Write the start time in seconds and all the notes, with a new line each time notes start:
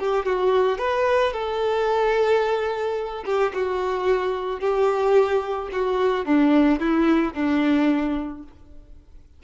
0.00 G4
0.26 F#4
0.79 B4
1.34 A4
3.26 G4
3.54 F#4
4.60 G4
5.73 F#4
6.26 D4
6.80 E4
7.34 D4